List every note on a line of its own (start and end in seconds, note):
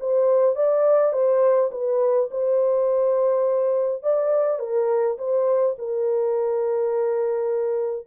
0.00 0.55 C5
0.55 1.13 D5
1.13 1.70 C5
1.71 2.29 B4
2.31 4.03 C5
4.03 4.59 D5
4.59 5.17 A#4
5.18 5.76 C5
5.78 8.07 A#4